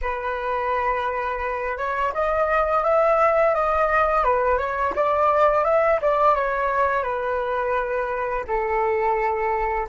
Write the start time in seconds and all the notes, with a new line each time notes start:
0.01 B4
1.77 C#5
2.14 D#5
2.83 E5
3.54 D#5
4.24 B4
4.58 C#5
4.95 D5
5.64 E5
6.01 D5
6.35 C#5
7.03 B4
8.47 A4